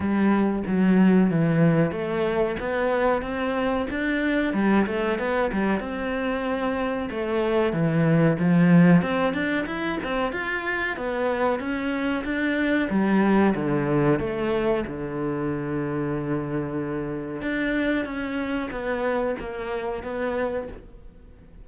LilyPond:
\new Staff \with { instrumentName = "cello" } { \time 4/4 \tempo 4 = 93 g4 fis4 e4 a4 | b4 c'4 d'4 g8 a8 | b8 g8 c'2 a4 | e4 f4 c'8 d'8 e'8 c'8 |
f'4 b4 cis'4 d'4 | g4 d4 a4 d4~ | d2. d'4 | cis'4 b4 ais4 b4 | }